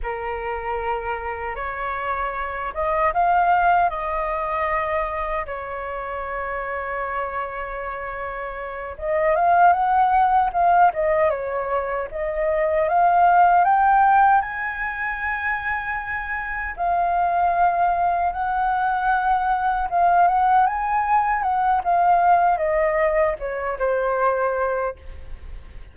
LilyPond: \new Staff \with { instrumentName = "flute" } { \time 4/4 \tempo 4 = 77 ais'2 cis''4. dis''8 | f''4 dis''2 cis''4~ | cis''2.~ cis''8 dis''8 | f''8 fis''4 f''8 dis''8 cis''4 dis''8~ |
dis''8 f''4 g''4 gis''4.~ | gis''4. f''2 fis''8~ | fis''4. f''8 fis''8 gis''4 fis''8 | f''4 dis''4 cis''8 c''4. | }